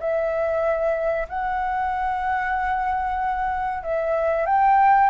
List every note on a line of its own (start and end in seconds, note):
0.00 1.28 E5
1.29 3.83 F#5
3.83 4.46 E5
4.46 5.09 G5